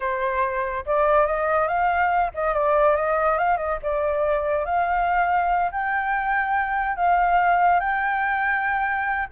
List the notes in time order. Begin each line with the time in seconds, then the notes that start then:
0.00 C5
0.85 D5
1.26 D#5
1.67 F5
2.34 D#5
2.53 D5
2.96 D#5
3.38 F5
3.57 D#5
3.82 D5
4.65 F5
5.71 G5
6.96 F5
7.80 G5